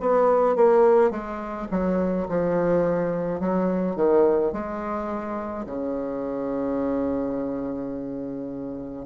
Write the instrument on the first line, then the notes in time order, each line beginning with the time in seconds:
bassoon
0.00 B3
0.56 A#3
1.11 G#3
1.71 F#3
2.28 F3
3.40 F#3
3.96 D#3
4.52 G#3
5.66 C#3